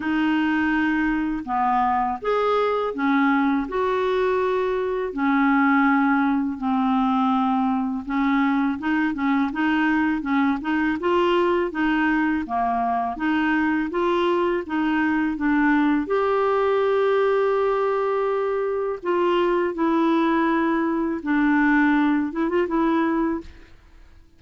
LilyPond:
\new Staff \with { instrumentName = "clarinet" } { \time 4/4 \tempo 4 = 82 dis'2 b4 gis'4 | cis'4 fis'2 cis'4~ | cis'4 c'2 cis'4 | dis'8 cis'8 dis'4 cis'8 dis'8 f'4 |
dis'4 ais4 dis'4 f'4 | dis'4 d'4 g'2~ | g'2 f'4 e'4~ | e'4 d'4. e'16 f'16 e'4 | }